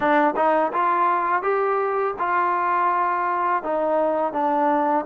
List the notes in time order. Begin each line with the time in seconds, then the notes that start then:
0.00 D4
0.35 D#4
0.73 F4
1.42 G4
2.19 F4
3.63 D#4
4.32 D4